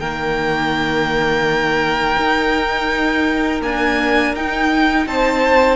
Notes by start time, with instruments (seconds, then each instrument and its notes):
0.00 cello D#3, viola A#3, violin A#4 G5
2.18 cello D#4, viola D#4
3.62 viola A#3, cello D4, violin G#5
4.35 cello D#4, viola D#4, violin G5
5.07 cello C4, violin C5 A5